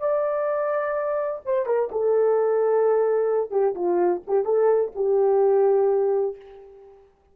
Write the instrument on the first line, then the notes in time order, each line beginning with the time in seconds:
horn
0.00 D5
1.46 C5
1.66 A#4
1.92 A4
3.51 G4
3.75 F4
4.27 G4
4.45 A4
4.96 G4